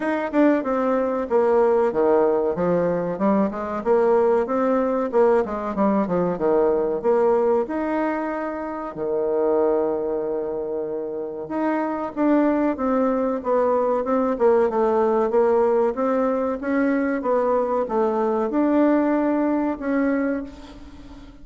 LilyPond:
\new Staff \with { instrumentName = "bassoon" } { \time 4/4 \tempo 4 = 94 dis'8 d'8 c'4 ais4 dis4 | f4 g8 gis8 ais4 c'4 | ais8 gis8 g8 f8 dis4 ais4 | dis'2 dis2~ |
dis2 dis'4 d'4 | c'4 b4 c'8 ais8 a4 | ais4 c'4 cis'4 b4 | a4 d'2 cis'4 | }